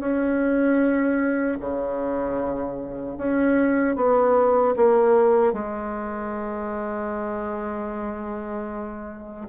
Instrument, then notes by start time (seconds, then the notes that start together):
bassoon
0.00 C#4
1.61 C#3
3.18 C#4
3.97 B3
4.77 A#3
5.53 G#3